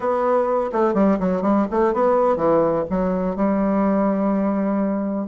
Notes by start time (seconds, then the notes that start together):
0.00 B3
0.72 A3
0.94 G3
1.19 F#3
1.42 G3
1.71 A3
1.93 B3
2.36 E3
2.90 F#3
3.36 G3